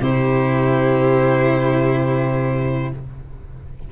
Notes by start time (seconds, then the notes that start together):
0.00 C3 E4 G4 C5